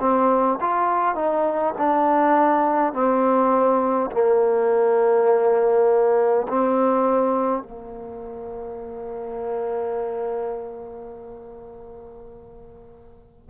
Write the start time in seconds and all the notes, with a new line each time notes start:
0.00 C4
0.61 F4
1.16 D#4
1.78 D4
2.93 C4
4.12 A#3
6.48 C4
7.63 A#3